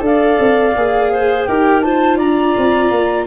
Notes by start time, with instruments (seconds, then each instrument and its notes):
0.00 tuba D4, viola A4, clarinet D5, flute F5
0.39 tuba C4
0.75 tuba A#3, viola G#4
1.12 clarinet C5
1.45 tuba D#4, viola G4, clarinet A#4, flute G5
1.81 viola F4, clarinet C5, flute A5
2.17 tuba D4, clarinet D5, flute A#5
2.58 tuba C4
2.91 tuba A#3